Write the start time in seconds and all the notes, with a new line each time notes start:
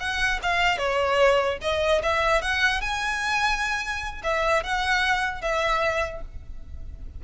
0.00 F#5
0.43 F5
0.78 C#5
1.62 D#5
2.03 E5
2.42 F#5
2.81 G#5
4.24 E5
4.64 F#5
5.42 E5